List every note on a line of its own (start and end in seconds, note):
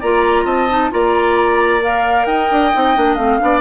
0.00 0.45 A#3
0.00 0.69 F4
0.00 0.45 D5
0.00 0.46 A#5
0.45 0.90 C4
0.45 0.90 D#5
0.45 0.91 A5
0.69 0.90 D#4
0.90 2.26 A#3
0.90 1.81 F4
0.90 2.27 D5
0.90 1.82 A#5
1.82 2.72 A#4
1.82 2.26 F5
2.26 2.49 D#4
2.26 3.40 D#5
2.26 3.14 G5
2.51 2.73 D4
2.73 2.96 C4
2.73 2.95 D#4
2.95 3.16 A#3
2.95 3.18 D4
3.14 3.38 A3
3.14 3.39 C4
3.14 3.59 F5
3.39 3.61 B3
3.39 3.61 D4
3.39 3.61 D5